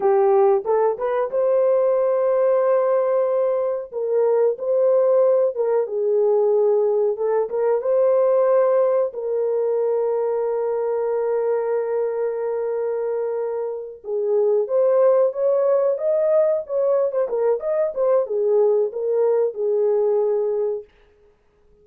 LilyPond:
\new Staff \with { instrumentName = "horn" } { \time 4/4 \tempo 4 = 92 g'4 a'8 b'8 c''2~ | c''2 ais'4 c''4~ | c''8 ais'8 gis'2 a'8 ais'8 | c''2 ais'2~ |
ais'1~ | ais'4. gis'4 c''4 cis''8~ | cis''8 dis''4 cis''8. c''16 ais'8 dis''8 c''8 | gis'4 ais'4 gis'2 | }